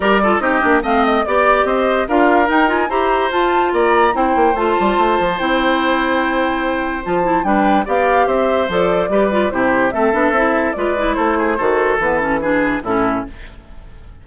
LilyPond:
<<
  \new Staff \with { instrumentName = "flute" } { \time 4/4 \tempo 4 = 145 d''4 dis''4 f''8 dis''8 d''4 | dis''4 f''4 g''8 gis''8 ais''4 | a''4 ais''4 g''4 a''4~ | a''4 g''2.~ |
g''4 a''4 g''4 f''4 | e''4 d''2 c''4 | e''2 d''4 c''4~ | c''4 b'8 a'8 b'4 a'4 | }
  \new Staff \with { instrumentName = "oboe" } { \time 4/4 ais'8 a'8 g'4 dis''4 d''4 | c''4 ais'2 c''4~ | c''4 d''4 c''2~ | c''1~ |
c''2 b'4 d''4 | c''2 b'4 g'4 | a'2 b'4 a'8 gis'8 | a'2 gis'4 e'4 | }
  \new Staff \with { instrumentName = "clarinet" } { \time 4/4 g'8 f'8 dis'8 d'8 c'4 g'4~ | g'4 f'4 dis'8 f'8 g'4 | f'2 e'4 f'4~ | f'4 e'2.~ |
e'4 f'8 e'8 d'4 g'4~ | g'4 a'4 g'8 f'8 e'4 | c'8 d'8 e'4 f'8 e'4. | fis'4 b8 cis'8 d'4 cis'4 | }
  \new Staff \with { instrumentName = "bassoon" } { \time 4/4 g4 c'8 ais8 a4 b4 | c'4 d'4 dis'4 e'4 | f'4 ais4 c'8 ais8 a8 g8 | a8 f8 c'2.~ |
c'4 f4 g4 b4 | c'4 f4 g4 c4 | a8 b8 c'4 gis4 a4 | dis4 e2 a,4 | }
>>